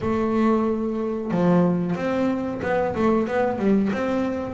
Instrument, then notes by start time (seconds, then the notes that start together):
double bass
0.01 A3
1.31 F3
1.95 C4
2.62 B3
2.95 A3
3.27 B3
3.58 G3
3.92 C4